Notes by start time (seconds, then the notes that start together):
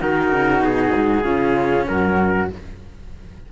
0.00 D#3 D#4 F#4 A#4
0.31 C#3
0.60 B2 G#4
0.94 G#2
1.23 C#3 C#4 F4
1.88 F#2 F#4 A#4